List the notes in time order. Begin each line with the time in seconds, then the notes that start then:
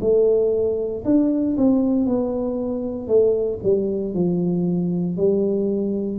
0.00 A3
1.05 D4
1.57 C4
2.06 B3
3.08 A3
3.63 G3
4.14 F3
5.17 G3